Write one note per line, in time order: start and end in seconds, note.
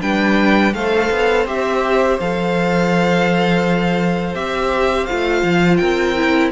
0.00 0.73 G3
0.00 0.72 D4
0.00 0.74 B4
0.00 0.73 G5
0.73 1.10 A3
0.73 1.47 A4
0.73 5.79 C5
0.73 1.46 F5
1.10 1.45 B3
1.45 2.17 C4
1.45 2.19 G4
1.45 2.19 E5
2.19 4.34 F3
2.19 4.34 A4
2.19 4.34 F5
4.34 5.06 C4
4.34 5.07 G4
4.34 5.06 E5
5.06 5.43 A3
5.06 6.16 F4
5.06 5.76 F5
5.43 5.79 F3
5.76 6.51 C4
5.76 6.51 A#4
5.76 6.48 G5
6.16 6.51 E4